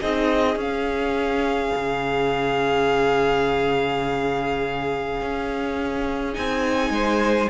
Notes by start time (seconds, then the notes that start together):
0.00 C4 D#4 G#4 D#5
0.56 C#4 F5
1.75 C#3
5.21 C#4
6.33 C4 D#4 G#5
6.90 G#3 C5